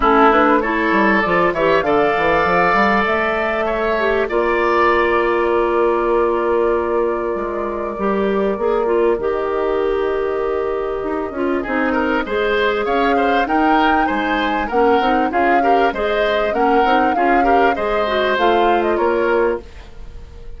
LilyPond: <<
  \new Staff \with { instrumentName = "flute" } { \time 4/4 \tempo 4 = 98 a'8 b'8 cis''4 d''8 e''8 f''4~ | f''4 e''2 d''4~ | d''1~ | d''2. dis''4~ |
dis''1~ | dis''4 f''4 g''4 gis''4 | fis''4 f''4 dis''4 fis''4 | f''4 dis''4 f''8. dis''16 cis''4 | }
  \new Staff \with { instrumentName = "oboe" } { \time 4/4 e'4 a'4. cis''8 d''4~ | d''2 cis''4 d''4~ | d''4 ais'2.~ | ais'1~ |
ais'2. gis'8 ais'8 | c''4 cis''8 c''8 ais'4 c''4 | ais'4 gis'8 ais'8 c''4 ais'4 | gis'8 ais'8 c''2 ais'4 | }
  \new Staff \with { instrumentName = "clarinet" } { \time 4/4 cis'8 d'8 e'4 f'8 g'8 a'4~ | a'2~ a'8 g'8 f'4~ | f'1~ | f'4 g'4 gis'8 f'8 g'4~ |
g'2~ g'8 f'8 dis'4 | gis'2 dis'2 | cis'8 dis'8 f'8 g'8 gis'4 cis'8 dis'8 | f'8 g'8 gis'8 fis'8 f'2 | }
  \new Staff \with { instrumentName = "bassoon" } { \time 4/4 a4. g8 f8 e8 d8 e8 | f8 g8 a2 ais4~ | ais1 | gis4 g4 ais4 dis4~ |
dis2 dis'8 cis'8 c'4 | gis4 cis'4 dis'4 gis4 | ais8 c'8 cis'4 gis4 ais8 c'8 | cis'4 gis4 a4 ais4 | }
>>